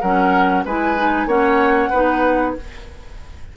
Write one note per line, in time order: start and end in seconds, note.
0.00 0.65 F#3
0.00 0.67 C#4
0.00 0.64 A#4
0.00 0.63 F#5
0.65 1.26 G#3
0.65 0.97 E4
0.65 1.27 B4
0.65 1.28 G#5
0.97 1.28 D#4
1.26 1.89 A#3
1.26 1.91 C#4
1.26 1.90 C#5
1.26 2.54 F#5
1.90 2.56 B3
1.90 2.57 D#4
1.90 2.53 B4